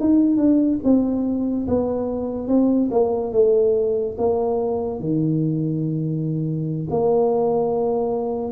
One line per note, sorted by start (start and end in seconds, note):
0.00 0.37 D#4
0.37 0.78 D4
0.84 1.67 C4
1.67 2.48 B3
2.48 2.89 C4
2.91 3.33 A#3
3.33 4.16 A3
4.18 5.00 A#3
5.00 6.87 D#3
6.90 8.52 A#3